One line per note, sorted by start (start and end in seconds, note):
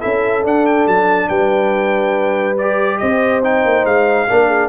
0.00 0.45 C#4
0.00 0.43 E4
0.00 1.28 A4
0.00 0.43 E5
0.43 2.55 D4
0.43 0.87 D4
0.43 0.66 F#5
0.66 0.87 G5
0.87 1.29 F#3
0.87 1.29 A5
1.29 3.00 G3
1.29 2.99 B4
1.29 2.56 G5
2.57 3.43 G4
2.57 2.98 D5
2.98 3.65 C4
2.98 4.28 C5
2.98 3.41 D#5
3.43 4.28 D#4
3.43 3.86 G5
3.65 3.85 A#3
3.85 4.27 G#3
3.85 4.69 F5
4.28 4.69 A#3
4.28 4.69 D4
4.28 4.47 A#4
4.47 4.68 G#4